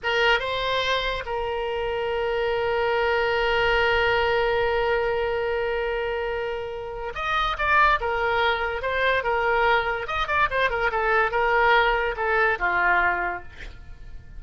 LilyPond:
\new Staff \with { instrumentName = "oboe" } { \time 4/4 \tempo 4 = 143 ais'4 c''2 ais'4~ | ais'1~ | ais'1~ | ais'1~ |
ais'4 dis''4 d''4 ais'4~ | ais'4 c''4 ais'2 | dis''8 d''8 c''8 ais'8 a'4 ais'4~ | ais'4 a'4 f'2 | }